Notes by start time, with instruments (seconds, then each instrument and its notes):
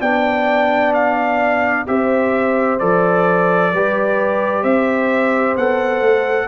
0.00 tuba B3, trombone D4, horn D5, trumpet G5
0.94 trumpet F5
1.86 tuba C4, trombone G4, horn C5, trumpet E5
2.79 tuba F3, trombone A4, trumpet D5
3.73 tuba G3, trombone G4, horn B4
4.62 tuba C4, horn C5, trumpet E5
5.56 tuba B3, trombone A4, trumpet F#5
6.01 tuba A3